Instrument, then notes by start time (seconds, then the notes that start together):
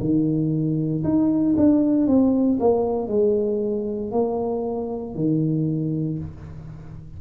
tuba
0.00 D#3
1.04 D#4
1.57 D4
2.07 C4
2.60 A#3
3.08 G#3
4.11 A#3
5.15 D#3